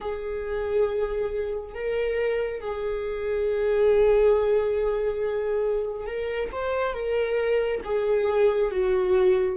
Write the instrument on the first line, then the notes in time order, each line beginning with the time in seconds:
viola
0.00 G#4
1.74 A#4
2.60 G#4
6.06 A#4
6.51 C5
6.93 A#4
7.84 G#4
8.71 F#4